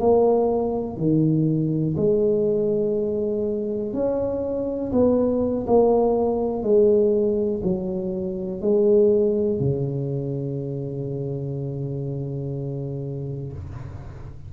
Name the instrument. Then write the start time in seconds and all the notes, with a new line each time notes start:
tuba
0.00 A#3
0.97 D#3
1.97 G#3
3.94 C#4
4.93 B3
5.67 A#3
6.63 G#3
7.64 F#3
8.62 G#3
9.60 C#3